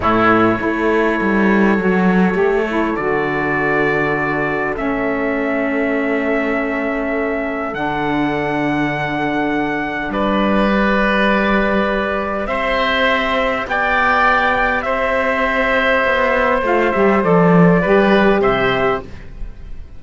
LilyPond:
<<
  \new Staff \with { instrumentName = "trumpet" } { \time 4/4 \tempo 4 = 101 cis''1~ | cis''4 d''2. | e''1~ | e''4 fis''2.~ |
fis''4 d''2.~ | d''4 e''2 g''4~ | g''4 e''2. | f''8 e''8 d''2 e''4 | }
  \new Staff \with { instrumentName = "oboe" } { \time 4/4 e'4 a'2.~ | a'1~ | a'1~ | a'1~ |
a'4 b'2.~ | b'4 c''2 d''4~ | d''4 c''2.~ | c''2 b'4 c''4 | }
  \new Staff \with { instrumentName = "saxophone" } { \time 4/4 a4 e'2 fis'4 | g'8 e'8 fis'2. | cis'1~ | cis'4 d'2.~ |
d'2 g'2~ | g'1~ | g'1 | f'8 g'8 a'4 g'2 | }
  \new Staff \with { instrumentName = "cello" } { \time 4/4 a,4 a4 g4 fis4 | a4 d2. | a1~ | a4 d2.~ |
d4 g2.~ | g4 c'2 b4~ | b4 c'2 b4 | a8 g8 f4 g4 c4 | }
>>